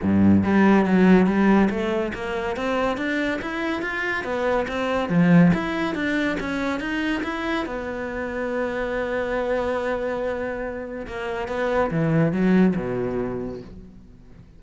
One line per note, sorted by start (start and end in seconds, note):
0.02 0.43 G2
0.43 0.85 G3
0.85 1.26 F#3
1.26 1.68 G3
1.70 2.12 A3
2.14 2.56 A#3
2.56 2.97 C4
2.97 3.39 D4
3.41 3.81 E4
3.81 4.23 F4
4.23 4.66 B3
4.68 5.09 C4
5.09 5.51 F3
5.53 5.94 E4
5.94 6.37 D4
6.39 6.79 C#4
6.79 7.22 D#4
7.23 7.65 E4
7.66 11.06 B3
11.06 11.47 A#3
11.47 11.90 B3
11.90 12.32 E3
12.32 12.74 F#3
12.75 13.61 B2